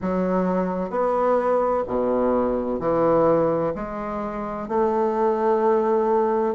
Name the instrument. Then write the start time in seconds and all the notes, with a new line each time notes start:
bassoon
0.01 F#3
0.89 B3
1.87 B2
2.79 E3
3.75 G#3
4.68 A3